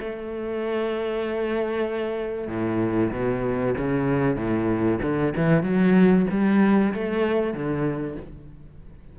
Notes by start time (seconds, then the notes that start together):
0.00 A3
2.48 A2
3.12 B2
3.78 C#3
4.36 A2
5.03 D3
5.36 E3
5.64 F#3
6.31 G3
6.94 A3
7.54 D3